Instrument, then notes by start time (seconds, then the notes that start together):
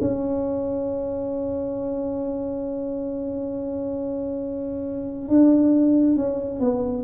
tuba
0.00 C#4
5.28 D4
6.16 C#4
6.59 B3